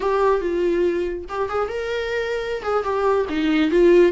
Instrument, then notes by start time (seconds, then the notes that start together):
viola
0.00 G4
0.40 F4
1.28 G4
1.49 G#4
1.68 A#4
2.62 G#4
2.83 G4
3.29 D#4
3.70 F4